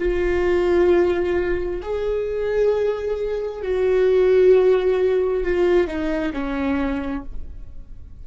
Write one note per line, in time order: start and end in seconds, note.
0.00 1.82 F4
1.83 3.62 G#4
3.62 5.44 F#4
5.44 5.88 F4
5.88 6.33 D#4
6.34 7.25 C#4